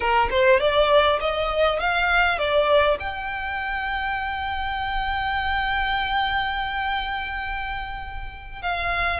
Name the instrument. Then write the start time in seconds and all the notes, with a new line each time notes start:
violin
0.00 A#4
0.30 C5
0.60 D5
1.20 D#5
1.79 F5
2.38 D5
2.99 G5
8.61 F5